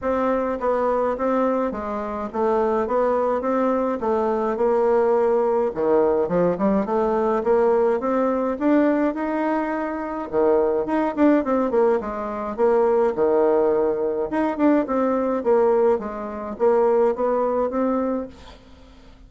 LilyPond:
\new Staff \with { instrumentName = "bassoon" } { \time 4/4 \tempo 4 = 105 c'4 b4 c'4 gis4 | a4 b4 c'4 a4 | ais2 dis4 f8 g8 | a4 ais4 c'4 d'4 |
dis'2 dis4 dis'8 d'8 | c'8 ais8 gis4 ais4 dis4~ | dis4 dis'8 d'8 c'4 ais4 | gis4 ais4 b4 c'4 | }